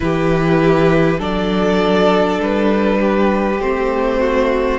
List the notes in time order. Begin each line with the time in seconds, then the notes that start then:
0.00 E3 E4 G4 B4
1.18 F#3 D4 A4 D5
2.40 G3 B4
3.00 G4
3.59 A3 C4 C5
4.19 F#4